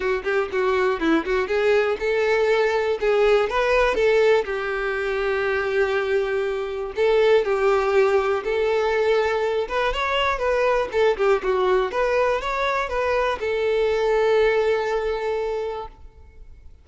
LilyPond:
\new Staff \with { instrumentName = "violin" } { \time 4/4 \tempo 4 = 121 fis'8 g'8 fis'4 e'8 fis'8 gis'4 | a'2 gis'4 b'4 | a'4 g'2.~ | g'2 a'4 g'4~ |
g'4 a'2~ a'8 b'8 | cis''4 b'4 a'8 g'8 fis'4 | b'4 cis''4 b'4 a'4~ | a'1 | }